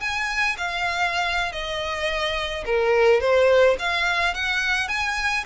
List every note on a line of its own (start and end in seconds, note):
0.00 0.56 G#5
0.57 1.52 F5
1.52 2.64 D#5
2.65 3.21 A#4
3.21 3.77 C5
3.79 4.34 F5
4.34 4.88 F#5
4.88 5.44 G#5